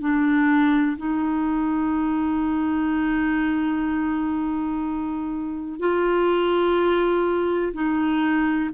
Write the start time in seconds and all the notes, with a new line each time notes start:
0.00 D4
0.97 D#4
5.79 F4
7.73 D#4